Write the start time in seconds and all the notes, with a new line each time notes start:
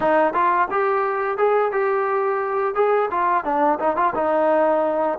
0.00 D#4
0.33 F4
0.71 G4
1.37 G#4
1.72 G4
2.75 G#4
3.10 F4
3.44 D4
3.79 D#4
3.96 F4
4.14 D#4